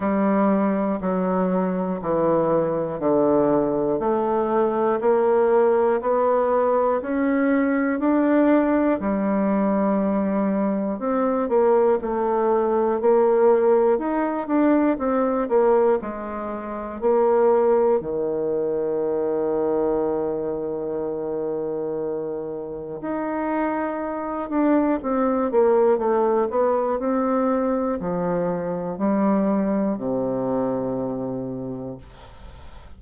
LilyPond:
\new Staff \with { instrumentName = "bassoon" } { \time 4/4 \tempo 4 = 60 g4 fis4 e4 d4 | a4 ais4 b4 cis'4 | d'4 g2 c'8 ais8 | a4 ais4 dis'8 d'8 c'8 ais8 |
gis4 ais4 dis2~ | dis2. dis'4~ | dis'8 d'8 c'8 ais8 a8 b8 c'4 | f4 g4 c2 | }